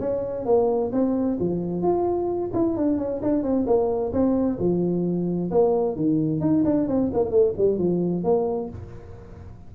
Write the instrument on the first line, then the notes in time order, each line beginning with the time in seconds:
tuba
0.00 C#4
0.46 A#3
0.93 C4
1.40 F3
1.82 F4
2.54 E4
2.77 D4
2.98 C#4
3.22 D4
3.44 C4
3.67 A#3
4.13 C4
4.59 F3
5.51 A#3
5.96 D#3
6.41 D#4
6.65 D4
6.88 C4
7.14 A#3
7.31 A3
7.58 G3
7.79 F3
8.24 A#3